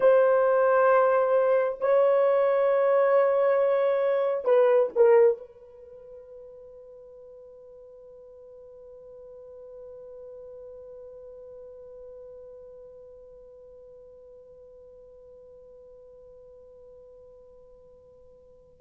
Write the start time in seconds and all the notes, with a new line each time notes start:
0.00 C5
1.80 C#5
4.45 B4
4.95 A#4
5.37 B4